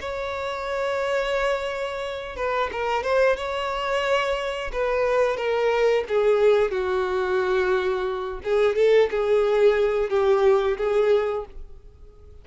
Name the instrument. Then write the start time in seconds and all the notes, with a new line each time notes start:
violin
0.00 C#5
2.36 B4
2.72 A#4
3.03 C5
3.36 C#5
4.72 B4
5.37 A#4
6.08 G#4
6.71 F#4
8.44 G#4
8.75 A4
9.10 G#4
10.09 G4
10.77 G#4